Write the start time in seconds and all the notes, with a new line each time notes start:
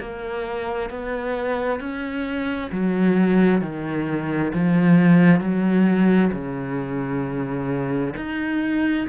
0.00 A#3
0.90 B3
1.80 C#4
2.71 F#3
3.62 D#3
4.54 F3
5.40 F#3
6.32 C#3
8.17 D#4